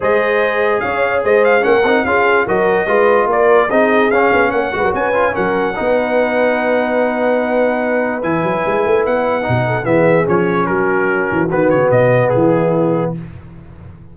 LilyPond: <<
  \new Staff \with { instrumentName = "trumpet" } { \time 4/4 \tempo 4 = 146 dis''2 f''4 dis''8 f''8 | fis''4 f''4 dis''2 | d''4 dis''4 f''4 fis''4 | gis''4 fis''2.~ |
fis''1 | gis''2 fis''2 | e''4 cis''4 ais'2 | b'8 cis''8 dis''4 gis'2 | }
  \new Staff \with { instrumentName = "horn" } { \time 4/4 c''2 cis''4 c''4 | ais'4 gis'4 ais'4 b'4 | ais'4 gis'2 cis''8 b'16 ais'16 | b'4 ais'4 b'2~ |
b'1~ | b'2.~ b'8 a'8 | gis'2 fis'2~ | fis'2 e'2 | }
  \new Staff \with { instrumentName = "trombone" } { \time 4/4 gis'1 | cis'8 dis'8 f'4 fis'4 f'4~ | f'4 dis'4 cis'4. fis'8~ | fis'8 f'8 cis'4 dis'2~ |
dis'1 | e'2. dis'4 | b4 cis'2. | b1 | }
  \new Staff \with { instrumentName = "tuba" } { \time 4/4 gis2 cis'4 gis4 | ais8 c'8 cis'4 fis4 gis4 | ais4 c'4 cis'8 b8 ais8 gis16 fis16 | cis'4 fis4 b2~ |
b1 | e8 fis8 gis8 a8 b4 b,4 | e4 f4 fis4. e8 | dis8 cis8 b,4 e2 | }
>>